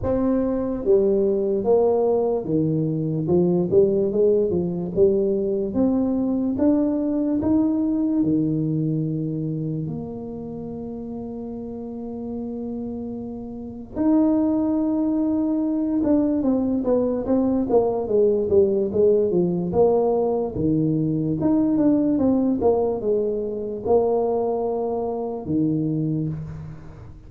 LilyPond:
\new Staff \with { instrumentName = "tuba" } { \time 4/4 \tempo 4 = 73 c'4 g4 ais4 dis4 | f8 g8 gis8 f8 g4 c'4 | d'4 dis'4 dis2 | ais1~ |
ais4 dis'2~ dis'8 d'8 | c'8 b8 c'8 ais8 gis8 g8 gis8 f8 | ais4 dis4 dis'8 d'8 c'8 ais8 | gis4 ais2 dis4 | }